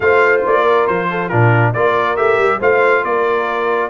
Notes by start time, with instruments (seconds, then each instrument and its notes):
0.00 tuba A3, trombone F4, horn C5, trumpet F5
0.45 tuba A#3, trumpet D5
0.63 horn A#4
0.87 tuba F3, trumpet C5
1.10 horn A4
1.28 tuba A#2, trombone D4, horn F4, trumpet A#4
1.73 tuba A#3, trombone F4, horn A#4, trumpet D5
2.16 tuba A3, trombone G4, trumpet E5
2.38 tuba G3
2.59 tuba A3, trombone F4, horn C5, trumpet F5
3.03 tuba A#3, horn A#4, trumpet D5